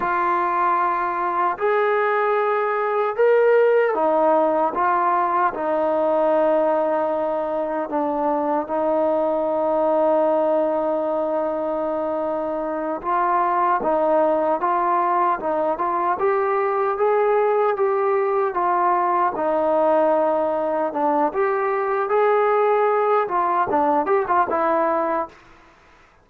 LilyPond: \new Staff \with { instrumentName = "trombone" } { \time 4/4 \tempo 4 = 76 f'2 gis'2 | ais'4 dis'4 f'4 dis'4~ | dis'2 d'4 dis'4~ | dis'1~ |
dis'8 f'4 dis'4 f'4 dis'8 | f'8 g'4 gis'4 g'4 f'8~ | f'8 dis'2 d'8 g'4 | gis'4. f'8 d'8 g'16 f'16 e'4 | }